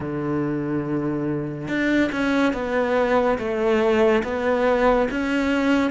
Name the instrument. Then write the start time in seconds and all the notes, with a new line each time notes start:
cello
0.00 D3
1.68 D4
2.11 C#4
2.53 B3
3.38 A3
4.23 B3
5.10 C#4